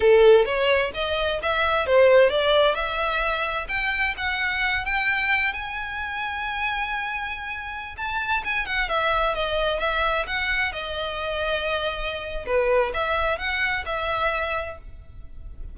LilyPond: \new Staff \with { instrumentName = "violin" } { \time 4/4 \tempo 4 = 130 a'4 cis''4 dis''4 e''4 | c''4 d''4 e''2 | g''4 fis''4. g''4. | gis''1~ |
gis''4~ gis''16 a''4 gis''8 fis''8 e''8.~ | e''16 dis''4 e''4 fis''4 dis''8.~ | dis''2. b'4 | e''4 fis''4 e''2 | }